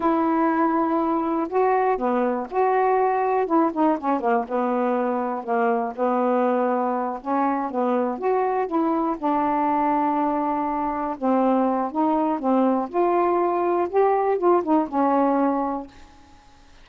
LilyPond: \new Staff \with { instrumentName = "saxophone" } { \time 4/4 \tempo 4 = 121 e'2. fis'4 | b4 fis'2 e'8 dis'8 | cis'8 ais8 b2 ais4 | b2~ b8 cis'4 b8~ |
b8 fis'4 e'4 d'4.~ | d'2~ d'8 c'4. | dis'4 c'4 f'2 | g'4 f'8 dis'8 cis'2 | }